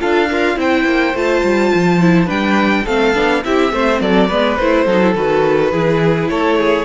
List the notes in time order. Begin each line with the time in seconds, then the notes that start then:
0.00 D4 F4 A4 F5
0.31 F4 A#4
0.56 C4 E4 C5 G5
0.85 A#3
1.14 A3 F4 A5
1.44 G3
1.75 F3
2.01 E4
2.26 G3 D4 B4 G5
2.85 A3 C4 A4 F5
3.14 B3 D4
3.45 C4 E4 G4 E5
3.72 A3 C4 C5
4.01 F#3 A4 D5
4.28 G#3 B3 B4
4.57 A3 E4 C5
4.86 F#3 D#4 A4
5.02 E4
5.15 D#3 F#4 B4
5.72 E3 E4 G#4
6.30 A3 A4 C#5
6.58 G#4